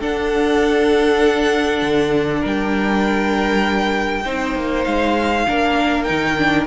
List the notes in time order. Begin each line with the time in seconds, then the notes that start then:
0.00 D4 A4 F#5
1.82 D3
2.41 G3 A#4
2.47 G5
4.25 C4 D#4 C5
4.55 A#3
4.84 G#3 F5
5.48 A#3 D4 A#4
6.04 D#4 G5
6.10 D#3
6.37 D4